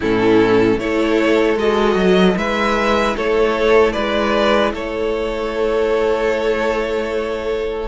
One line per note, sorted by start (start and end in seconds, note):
0.00 0.77 A2
0.00 0.79 C#4
0.00 0.78 E4
0.00 0.79 A4
0.77 1.56 A3
0.77 1.58 E4
0.77 2.38 A4
0.77 1.58 C#5
1.56 1.95 G#3
1.56 2.34 F#4
1.56 2.37 D#5
1.95 2.35 F#3
2.34 3.15 G#3
2.34 7.86 E4
2.34 3.16 B4
2.34 3.16 E5
3.16 3.95 A3
3.16 3.93 A4
3.16 3.92 C#5
3.92 4.73 G#3
3.92 4.72 B4
3.92 4.71 D5
4.73 7.88 A3
4.73 7.88 A4
4.73 7.88 C#5